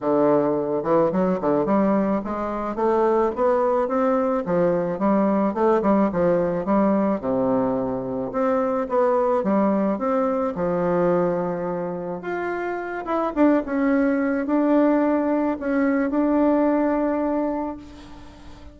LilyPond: \new Staff \with { instrumentName = "bassoon" } { \time 4/4 \tempo 4 = 108 d4. e8 fis8 d8 g4 | gis4 a4 b4 c'4 | f4 g4 a8 g8 f4 | g4 c2 c'4 |
b4 g4 c'4 f4~ | f2 f'4. e'8 | d'8 cis'4. d'2 | cis'4 d'2. | }